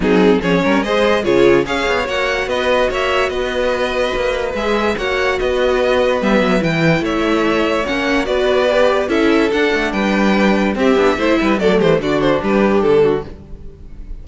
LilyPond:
<<
  \new Staff \with { instrumentName = "violin" } { \time 4/4 \tempo 4 = 145 gis'4 cis''4 dis''4 cis''4 | f''4 fis''4 dis''4 e''4 | dis''2. e''4 | fis''4 dis''2 e''4 |
g''4 e''2 fis''4 | d''2 e''4 fis''4 | g''2 e''2 | d''8 c''8 d''8 c''8 b'4 a'4 | }
  \new Staff \with { instrumentName = "violin" } { \time 4/4 dis'4 gis'8 ais'8 c''4 gis'4 | cis''2 b'4 cis''4 | b'1 | cis''4 b'2.~ |
b'4 cis''2. | b'2 a'2 | b'2 g'4 c''8 b'8 | a'8 g'8 fis'4 g'4. fis'8 | }
  \new Staff \with { instrumentName = "viola" } { \time 4/4 c'4 cis'4 gis'4 f'4 | gis'4 fis'2.~ | fis'2. gis'4 | fis'2. b4 |
e'2. cis'4 | fis'4 g'4 e'4 d'4~ | d'2 c'8 d'8 e'4 | a4 d'2. | }
  \new Staff \with { instrumentName = "cello" } { \time 4/4 fis4 f8 g8 gis4 cis4 | cis'8 b8 ais4 b4 ais4 | b2 ais4 gis4 | ais4 b2 g8 fis8 |
e4 a2 ais4 | b2 cis'4 d'8 a8 | g2 c'8 b8 a8 g8 | fis8 e8 d4 g4 d4 | }
>>